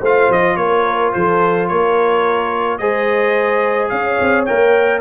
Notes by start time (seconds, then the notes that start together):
0.00 A3 F4 C5 F5
0.30 F3 D#5
0.57 A#3 A#4 C#5
1.13 F3 A4 C5
1.68 A#3 A#4 C#5
2.78 G#3 G#4 C5 D#5
3.89 C#4 C#5 F5
4.21 C4
4.46 A#3 A#4 G5